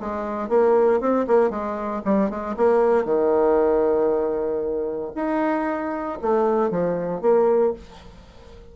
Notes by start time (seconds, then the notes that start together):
0.00 G#3
0.49 A#3
1.00 C4
1.27 A#3
1.50 G#3
2.05 G3
2.30 G#3
2.57 A#3
3.05 D#3
5.15 D#4
6.21 A3
6.70 F3
7.21 A#3